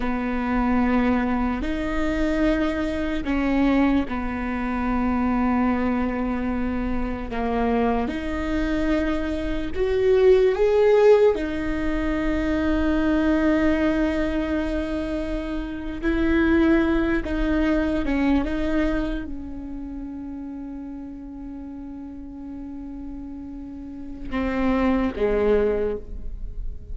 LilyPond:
\new Staff \with { instrumentName = "viola" } { \time 4/4 \tempo 4 = 74 b2 dis'2 | cis'4 b2.~ | b4 ais4 dis'2 | fis'4 gis'4 dis'2~ |
dis'2.~ dis'8. e'16~ | e'4~ e'16 dis'4 cis'8 dis'4 cis'16~ | cis'1~ | cis'2 c'4 gis4 | }